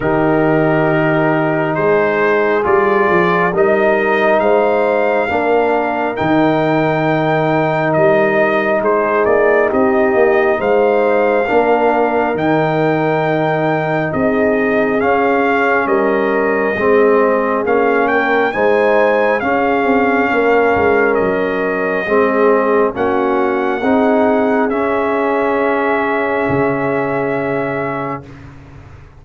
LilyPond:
<<
  \new Staff \with { instrumentName = "trumpet" } { \time 4/4 \tempo 4 = 68 ais'2 c''4 d''4 | dis''4 f''2 g''4~ | g''4 dis''4 c''8 d''8 dis''4 | f''2 g''2 |
dis''4 f''4 dis''2 | f''8 g''8 gis''4 f''2 | dis''2 fis''2 | e''1 | }
  \new Staff \with { instrumentName = "horn" } { \time 4/4 g'2 gis'2 | ais'4 c''4 ais'2~ | ais'2 gis'4 g'4 | c''4 ais'2. |
gis'2 ais'4 gis'4~ | gis'8 ais'8 c''4 gis'4 ais'4~ | ais'4 gis'4 fis'4 gis'4~ | gis'1 | }
  \new Staff \with { instrumentName = "trombone" } { \time 4/4 dis'2. f'4 | dis'2 d'4 dis'4~ | dis'1~ | dis'4 d'4 dis'2~ |
dis'4 cis'2 c'4 | cis'4 dis'4 cis'2~ | cis'4 c'4 cis'4 dis'4 | cis'1 | }
  \new Staff \with { instrumentName = "tuba" } { \time 4/4 dis2 gis4 g8 f8 | g4 gis4 ais4 dis4~ | dis4 g4 gis8 ais8 c'8 ais8 | gis4 ais4 dis2 |
c'4 cis'4 g4 gis4 | ais4 gis4 cis'8 c'8 ais8 gis8 | fis4 gis4 ais4 c'4 | cis'2 cis2 | }
>>